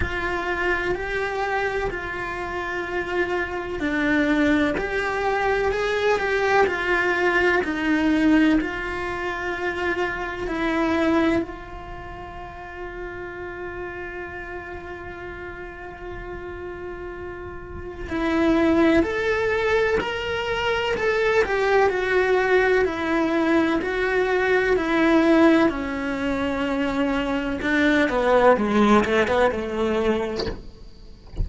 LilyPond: \new Staff \with { instrumentName = "cello" } { \time 4/4 \tempo 4 = 63 f'4 g'4 f'2 | d'4 g'4 gis'8 g'8 f'4 | dis'4 f'2 e'4 | f'1~ |
f'2. e'4 | a'4 ais'4 a'8 g'8 fis'4 | e'4 fis'4 e'4 cis'4~ | cis'4 d'8 b8 gis8 a16 b16 a4 | }